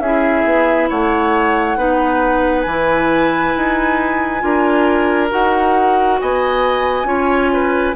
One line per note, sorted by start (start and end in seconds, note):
0.00 0.44 C#4
0.00 1.78 E4
0.00 0.90 G#4
0.00 0.89 E5
0.45 0.89 B3
0.90 1.77 A3
0.90 1.78 C#5
0.90 2.62 F#5
1.77 2.65 B3
1.77 2.66 D#4
1.77 4.43 B4
2.62 3.54 E3
2.62 5.26 G#5
2.69 4.40 E4
3.57 4.43 D#4
4.40 5.32 D4
4.40 5.29 F4
4.40 6.21 A#4
5.30 6.21 D#4
5.30 7.06 F#4
5.30 6.20 F#5
6.20 7.04 B3
6.20 7.08 D#5
6.20 7.96 G#5
7.04 7.93 C#4
7.04 7.94 F4
7.04 7.52 C#5
7.53 7.96 B4